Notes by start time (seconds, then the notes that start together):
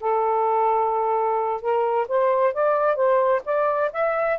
0.00 A4
1.61 A#4
2.08 C5
2.53 D5
2.95 C5
3.45 D5
3.93 E5